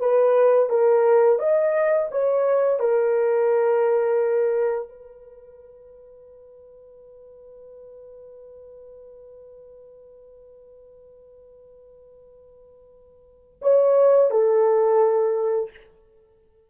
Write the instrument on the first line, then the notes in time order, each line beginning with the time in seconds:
horn
0.00 B4
0.70 A#4
1.39 D#5
2.11 C#5
2.79 A#4
4.89 B4
13.62 C#5
14.31 A4